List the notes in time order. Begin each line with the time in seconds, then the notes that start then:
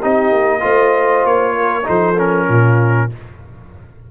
0.00 C4 D#4 G4 D#5
0.32 A#3
0.61 A3 F4 C5
1.25 A#3 C#5
1.57 A#4
1.84 F3 D#4 A4 C5
2.18 C#4 A#4
2.48 A#2 F4